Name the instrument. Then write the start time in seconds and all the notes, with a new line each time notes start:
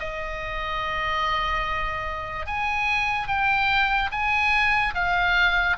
oboe
0.00 D#5
2.47 G#5
3.28 G5
4.12 G#5
4.95 F5